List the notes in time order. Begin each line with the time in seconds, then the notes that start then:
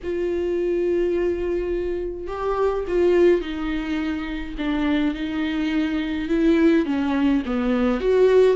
0.03 F4
2.27 G4
2.87 F4
3.41 D#4
4.58 D4
5.14 D#4
6.28 E4
6.85 C#4
7.45 B3
8.00 F#4